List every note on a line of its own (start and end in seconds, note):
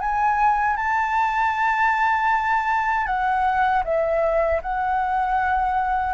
0.00 0.77 G#5
0.77 3.06 A5
3.06 3.83 F#5
3.84 4.61 E5
4.62 6.14 F#5